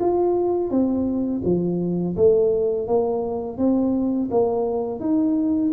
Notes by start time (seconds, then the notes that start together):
0.00 F4
0.70 C4
1.44 F3
2.17 A3
2.87 A#3
3.58 C4
4.31 A#3
5.00 D#4